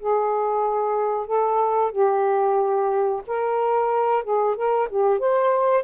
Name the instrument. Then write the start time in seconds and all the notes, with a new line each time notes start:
saxophone
0.00 G#4
1.27 A4
1.92 G4
3.28 A#4
4.24 G#4
4.56 A#4
4.90 G4
5.20 C5